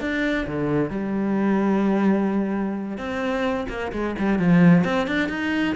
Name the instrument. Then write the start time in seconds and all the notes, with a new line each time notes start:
cello
0.00 D4
0.47 D3
0.90 G3
2.97 C4
3.69 A#3
3.92 G#3
4.19 G3
4.38 F3
4.84 C4
5.07 D4
5.29 D#4